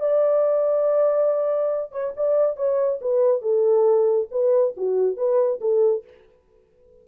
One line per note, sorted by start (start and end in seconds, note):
0.00 1.92 D5
1.92 2.13 C#5
2.17 2.57 D5
2.57 3.00 C#5
3.02 3.42 B4
3.42 4.28 A4
4.32 4.75 B4
4.77 5.17 F#4
5.17 5.60 B4
5.61 6.04 A4